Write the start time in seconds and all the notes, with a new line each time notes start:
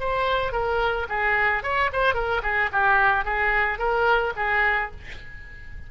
0.00 C5
0.53 A#4
1.09 G#4
1.63 C#5
1.93 C5
2.14 A#4
2.43 G#4
2.72 G4
3.25 G#4
3.79 A#4
4.37 G#4